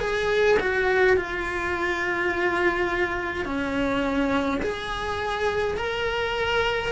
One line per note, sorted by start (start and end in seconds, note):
0.00 0.58 G#4
0.60 1.17 F#4
1.17 3.45 F4
3.45 4.60 C#4
4.62 5.77 G#4
5.77 6.92 A#4